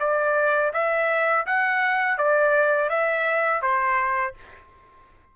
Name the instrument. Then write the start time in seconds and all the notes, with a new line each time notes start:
trumpet
0.00 D5
0.74 E5
1.47 F#5
2.18 D5
2.90 E5
3.62 C5